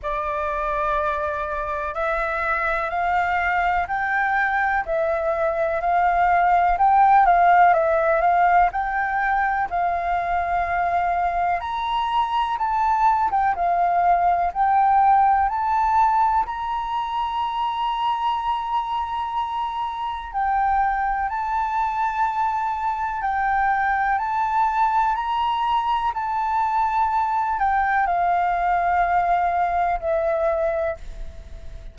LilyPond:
\new Staff \with { instrumentName = "flute" } { \time 4/4 \tempo 4 = 62 d''2 e''4 f''4 | g''4 e''4 f''4 g''8 f''8 | e''8 f''8 g''4 f''2 | ais''4 a''8. g''16 f''4 g''4 |
a''4 ais''2.~ | ais''4 g''4 a''2 | g''4 a''4 ais''4 a''4~ | a''8 g''8 f''2 e''4 | }